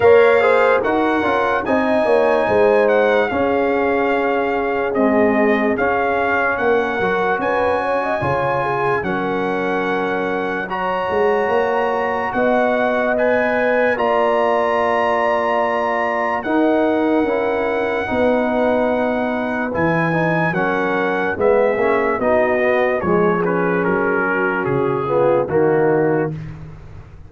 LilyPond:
<<
  \new Staff \with { instrumentName = "trumpet" } { \time 4/4 \tempo 4 = 73 f''4 fis''4 gis''4. fis''8 | f''2 dis''4 f''4 | fis''4 gis''2 fis''4~ | fis''4 ais''2 fis''4 |
gis''4 ais''2. | fis''1 | gis''4 fis''4 e''4 dis''4 | cis''8 b'8 ais'4 gis'4 fis'4 | }
  \new Staff \with { instrumentName = "horn" } { \time 4/4 cis''8 c''8 ais'4 dis''8 cis''8 c''4 | gis'1 | ais'4 b'8 cis''16 dis''16 cis''8 gis'8 ais'4~ | ais'4 cis''2 dis''4~ |
dis''4 d''2. | ais'2 b'2~ | b'4 ais'4 gis'4 fis'4 | gis'4. fis'4 f'8 dis'4 | }
  \new Staff \with { instrumentName = "trombone" } { \time 4/4 ais'8 gis'8 fis'8 f'8 dis'2 | cis'2 gis4 cis'4~ | cis'8 fis'4. f'4 cis'4~ | cis'4 fis'2. |
b'4 f'2. | dis'4 e'4 dis'2 | e'8 dis'8 cis'4 b8 cis'8 dis'8 b8 | gis8 cis'2 b8 ais4 | }
  \new Staff \with { instrumentName = "tuba" } { \time 4/4 ais4 dis'8 cis'8 c'8 ais8 gis4 | cis'2 c'4 cis'4 | ais8 fis8 cis'4 cis4 fis4~ | fis4. gis8 ais4 b4~ |
b4 ais2. | dis'4 cis'4 b2 | e4 fis4 gis8 ais8 b4 | f4 fis4 cis4 dis4 | }
>>